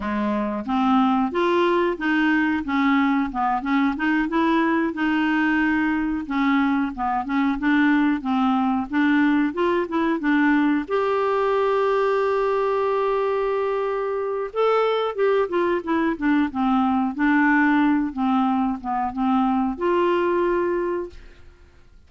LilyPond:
\new Staff \with { instrumentName = "clarinet" } { \time 4/4 \tempo 4 = 91 gis4 c'4 f'4 dis'4 | cis'4 b8 cis'8 dis'8 e'4 dis'8~ | dis'4. cis'4 b8 cis'8 d'8~ | d'8 c'4 d'4 f'8 e'8 d'8~ |
d'8 g'2.~ g'8~ | g'2 a'4 g'8 f'8 | e'8 d'8 c'4 d'4. c'8~ | c'8 b8 c'4 f'2 | }